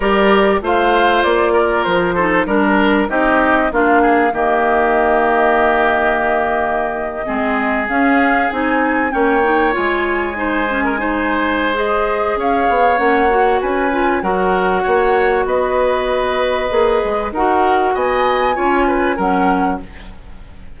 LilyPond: <<
  \new Staff \with { instrumentName = "flute" } { \time 4/4 \tempo 4 = 97 d''4 f''4 d''4 c''4 | ais'4 dis''4 f''4 dis''4~ | dis''1~ | dis''8. f''4 gis''4 g''4 gis''16~ |
gis''2. dis''4 | f''4 fis''4 gis''4 fis''4~ | fis''4 dis''2. | fis''4 gis''2 fis''4 | }
  \new Staff \with { instrumentName = "oboe" } { \time 4/4 ais'4 c''4. ais'4 a'8 | ais'4 g'4 f'8 gis'8 g'4~ | g'2.~ g'8. gis'16~ | gis'2~ gis'8. cis''4~ cis''16~ |
cis''8. c''8. ais'16 c''2~ c''16 | cis''2 b'4 ais'4 | cis''4 b'2. | ais'4 dis''4 cis''8 b'8 ais'4 | }
  \new Staff \with { instrumentName = "clarinet" } { \time 4/4 g'4 f'2~ f'8 dis'8 | d'4 dis'4 d'4 ais4~ | ais2.~ ais8. c'16~ | c'8. cis'4 dis'4 cis'8 dis'8 f'16~ |
f'8. dis'8 cis'8 dis'4~ dis'16 gis'4~ | gis'4 cis'8 fis'4 f'8 fis'4~ | fis'2. gis'4 | fis'2 f'4 cis'4 | }
  \new Staff \with { instrumentName = "bassoon" } { \time 4/4 g4 a4 ais4 f4 | g4 c'4 ais4 dis4~ | dis2.~ dis8. gis16~ | gis8. cis'4 c'4 ais4 gis16~ |
gis1 | cis'8 b8 ais4 cis'4 fis4 | ais4 b2 ais8 gis8 | dis'4 b4 cis'4 fis4 | }
>>